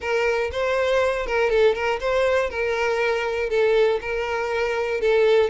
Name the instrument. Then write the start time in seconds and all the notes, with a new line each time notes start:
violin
0.00 A#4
0.51 C5
1.26 A#4
1.50 A4
1.74 A#4
2.00 C5
2.50 A#4
3.49 A4
4.01 A#4
5.00 A4